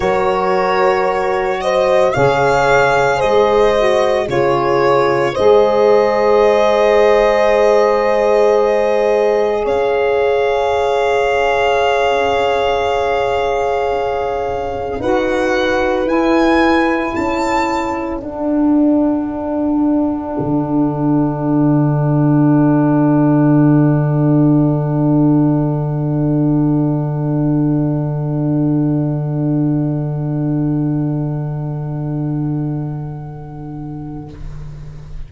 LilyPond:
<<
  \new Staff \with { instrumentName = "violin" } { \time 4/4 \tempo 4 = 56 cis''4. dis''8 f''4 dis''4 | cis''4 dis''2.~ | dis''4 f''2.~ | f''2 fis''4 gis''4 |
a''4 fis''2.~ | fis''1~ | fis''1~ | fis''1 | }
  \new Staff \with { instrumentName = "horn" } { \time 4/4 ais'4. c''8 cis''4 c''4 | gis'4 c''2.~ | c''4 cis''2.~ | cis''2 b'2 |
a'1~ | a'1~ | a'1~ | a'1 | }
  \new Staff \with { instrumentName = "saxophone" } { \time 4/4 fis'2 gis'4. fis'8 | f'4 gis'2.~ | gis'1~ | gis'2 fis'4 e'4~ |
e'4 d'2.~ | d'1~ | d'1~ | d'1 | }
  \new Staff \with { instrumentName = "tuba" } { \time 4/4 fis2 cis4 gis4 | cis4 gis2.~ | gis4 cis'2.~ | cis'2 dis'4 e'4 |
cis'4 d'2 d4~ | d1~ | d1~ | d1 | }
>>